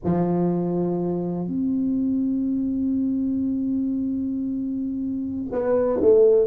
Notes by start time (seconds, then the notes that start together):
0.04 F3
1.47 C4
5.52 B3
6.01 A3